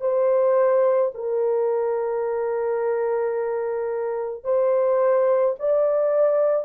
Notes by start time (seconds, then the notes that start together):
0.00 C5
1.14 A#4
4.43 C5
5.59 D5